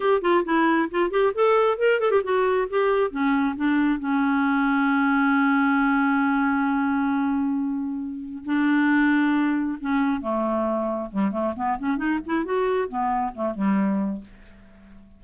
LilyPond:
\new Staff \with { instrumentName = "clarinet" } { \time 4/4 \tempo 4 = 135 g'8 f'8 e'4 f'8 g'8 a'4 | ais'8 a'16 g'16 fis'4 g'4 cis'4 | d'4 cis'2.~ | cis'1~ |
cis'2. d'4~ | d'2 cis'4 a4~ | a4 g8 a8 b8 cis'8 dis'8 e'8 | fis'4 b4 a8 g4. | }